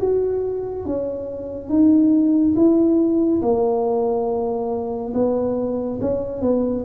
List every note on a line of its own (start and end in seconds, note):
0.00 0.85 F#4
0.85 1.69 C#4
1.69 2.54 D#4
2.56 3.41 E4
3.42 5.13 A#3
5.14 5.99 B3
6.01 6.42 C#4
6.42 6.85 B3